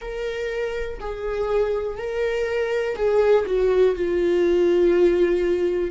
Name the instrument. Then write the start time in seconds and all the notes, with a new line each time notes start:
viola
0.01 A#4
1.00 G#4
1.97 A#4
2.96 G#4
3.46 F#4
3.95 F4